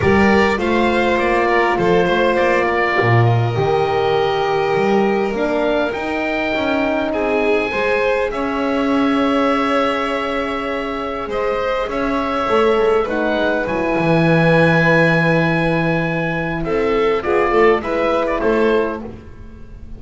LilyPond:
<<
  \new Staff \with { instrumentName = "oboe" } { \time 4/4 \tempo 4 = 101 d''4 f''4 d''4 c''4 | d''4. dis''2~ dis''8~ | dis''4 f''4 g''2 | gis''2 e''2~ |
e''2. dis''4 | e''2 fis''4 gis''4~ | gis''1 | e''4 d''4 e''8. d''16 c''4 | }
  \new Staff \with { instrumentName = "violin" } { \time 4/4 ais'4 c''4. ais'8 a'8 c''8~ | c''8 ais'2.~ ais'8~ | ais'1 | gis'4 c''4 cis''2~ |
cis''2. c''4 | cis''2 b'2~ | b'1 | a'4 gis'8 a'8 b'4 a'4 | }
  \new Staff \with { instrumentName = "horn" } { \time 4/4 g'4 f'2.~ | f'2 g'2~ | g'4 d'4 dis'2~ | dis'4 gis'2.~ |
gis'1~ | gis'4 a'4 dis'4 e'4~ | e'1~ | e'4 f'4 e'2 | }
  \new Staff \with { instrumentName = "double bass" } { \time 4/4 g4 a4 ais4 f8 a8 | ais4 ais,4 dis2 | g4 ais4 dis'4 cis'4 | c'4 gis4 cis'2~ |
cis'2. gis4 | cis'4 a8 gis8 a8 gis8 fis8 e8~ | e1 | c'4 b8 a8 gis4 a4 | }
>>